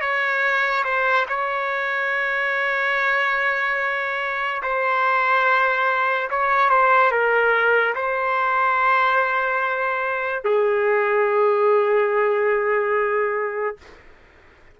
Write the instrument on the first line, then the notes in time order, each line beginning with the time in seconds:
trumpet
0.00 C#5
0.84 C5
1.28 C#5
4.62 C5
6.30 C#5
6.69 C5
7.11 A#4
7.94 C5
10.44 G#4